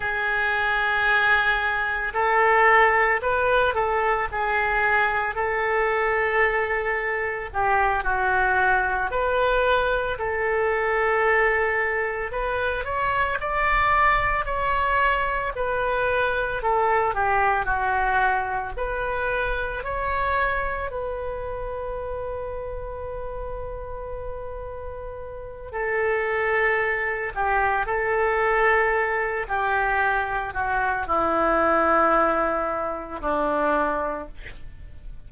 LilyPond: \new Staff \with { instrumentName = "oboe" } { \time 4/4 \tempo 4 = 56 gis'2 a'4 b'8 a'8 | gis'4 a'2 g'8 fis'8~ | fis'8 b'4 a'2 b'8 | cis''8 d''4 cis''4 b'4 a'8 |
g'8 fis'4 b'4 cis''4 b'8~ | b'1 | a'4. g'8 a'4. g'8~ | g'8 fis'8 e'2 d'4 | }